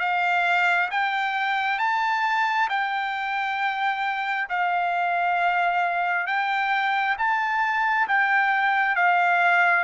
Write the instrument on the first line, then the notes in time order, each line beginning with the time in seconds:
trumpet
0.00 F5
0.91 G5
1.79 A5
2.69 G5
4.49 F5
6.27 G5
7.18 A5
8.08 G5
8.96 F5